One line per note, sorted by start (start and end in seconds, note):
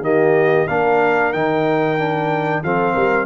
0.00 0.65 D#3
0.00 0.68 A#3
0.00 0.68 G4
0.00 0.67 D#5
0.67 1.33 A#3
0.67 1.33 D4
0.67 2.64 A#4
0.67 1.32 F5
1.32 2.63 D#3
1.32 1.98 D#4
1.32 2.63 G5
1.98 2.63 D4
2.63 2.96 F3
2.63 3.26 C4
2.63 2.93 A4
2.63 3.26 F5
2.93 3.26 G3
2.93 3.26 A#4